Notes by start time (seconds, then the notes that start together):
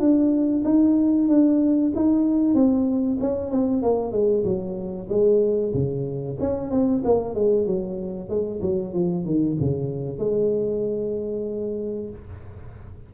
0.00 D4
0.65 D#4
1.29 D4
1.96 D#4
2.55 C4
3.21 C#4
3.51 C4
3.83 A#3
4.13 G#3
4.44 F#3
5.09 G#3
5.74 C#3
6.41 C#4
6.71 C4
7.05 A#3
7.35 G#3
7.67 F#3
8.29 G#3
8.62 F#3
8.94 F3
9.26 D#3
9.60 C#3
10.19 G#3